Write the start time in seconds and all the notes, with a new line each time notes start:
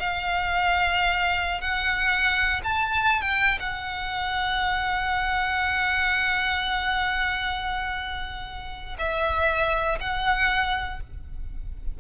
0.00 F5
1.61 F#5
2.64 A5
3.22 G5
3.60 F#5
8.99 E5
10.00 F#5